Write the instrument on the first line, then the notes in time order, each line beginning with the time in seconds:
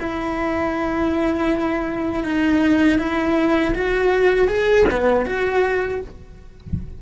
cello
0.00 E4
2.24 D#4
2.99 E4
3.75 F#4
4.48 G#4
4.91 B3
5.26 F#4